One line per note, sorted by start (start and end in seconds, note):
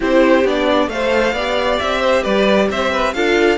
0.00 0.44 C4
0.00 0.45 E4
0.00 0.88 G4
0.00 0.47 C5
0.44 0.87 B3
0.44 0.90 D4
0.44 0.89 D5
0.87 1.32 A3
0.87 1.37 A4
0.87 1.33 C5
0.87 1.78 F5
1.32 1.78 B3
1.32 3.15 G4
1.32 2.00 D5
1.78 2.25 C4
1.78 2.23 E5
2.00 2.22 C5
2.22 2.70 G3
2.22 2.67 B4
2.22 2.68 D5
2.70 3.15 C4
2.70 2.91 C5
2.70 3.13 E5
2.91 3.14 B4
3.13 3.58 D4
3.13 3.58 F4
3.13 3.58 A4
3.13 3.58 F5